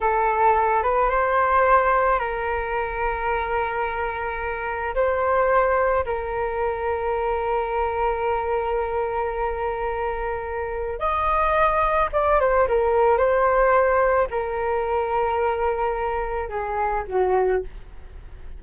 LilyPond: \new Staff \with { instrumentName = "flute" } { \time 4/4 \tempo 4 = 109 a'4. b'8 c''2 | ais'1~ | ais'4 c''2 ais'4~ | ais'1~ |
ais'1 | dis''2 d''8 c''8 ais'4 | c''2 ais'2~ | ais'2 gis'4 fis'4 | }